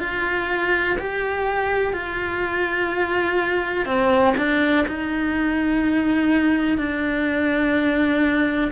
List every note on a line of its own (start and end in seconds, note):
0.00 0.97 F4
0.99 1.94 G4
1.94 3.86 F4
3.86 4.34 C4
4.37 4.86 D4
4.88 6.78 D#4
6.78 8.71 D4